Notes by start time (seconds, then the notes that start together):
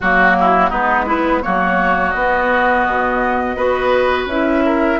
0.00 F#3 A#3 F#4
0.40 E4
0.69 G#3 B3 D#4 B4
1.06 B3 E4
1.42 F#3 A#3 F#4 C#5
2.11 B3 D#5
2.87 B2
3.56 B3 F#4 B4
4.26 C#4 E4 E5
4.64 A#4